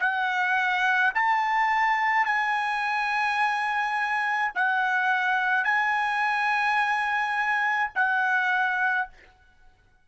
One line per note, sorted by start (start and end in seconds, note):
0.00 1.13 F#5
1.15 2.25 A5
2.25 4.52 G#5
4.55 5.64 F#5
5.64 7.91 G#5
7.96 9.09 F#5